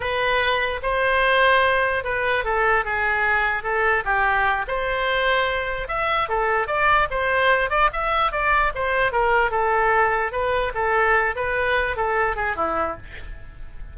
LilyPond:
\new Staff \with { instrumentName = "oboe" } { \time 4/4 \tempo 4 = 148 b'2 c''2~ | c''4 b'4 a'4 gis'4~ | gis'4 a'4 g'4. c''8~ | c''2~ c''8 e''4 a'8~ |
a'8 d''4 c''4. d''8 e''8~ | e''8 d''4 c''4 ais'4 a'8~ | a'4. b'4 a'4. | b'4. a'4 gis'8 e'4 | }